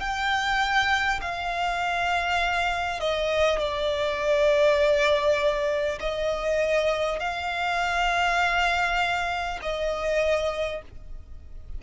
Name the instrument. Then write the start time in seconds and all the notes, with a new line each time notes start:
violin
0.00 G5
1.21 F5
3.00 D#5
3.59 D5
6.01 D#5
7.19 F5
9.62 D#5